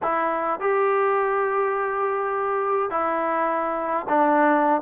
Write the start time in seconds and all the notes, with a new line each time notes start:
0.02 E4
0.60 G4
2.90 E4
4.08 D4